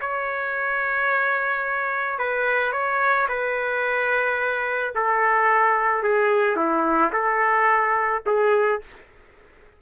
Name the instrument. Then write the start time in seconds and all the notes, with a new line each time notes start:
trumpet
0.00 C#5
2.18 B4
2.72 C#5
3.28 B4
4.95 A4
6.03 G#4
6.56 E4
7.12 A4
8.26 G#4